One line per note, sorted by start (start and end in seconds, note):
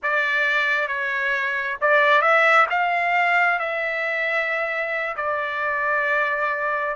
0.02 0.87 D5
0.87 1.77 C#5
1.81 2.21 D5
2.21 2.66 E5
2.69 3.59 F5
3.59 5.15 E5
5.16 6.95 D5